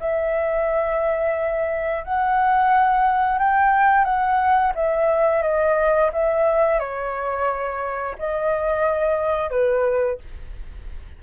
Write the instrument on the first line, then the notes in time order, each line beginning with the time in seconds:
flute
0.00 E5
2.05 F#5
3.39 G5
4.05 F#5
4.75 E5
5.43 D#5
6.13 E5
6.80 C#5
8.19 D#5
9.50 B4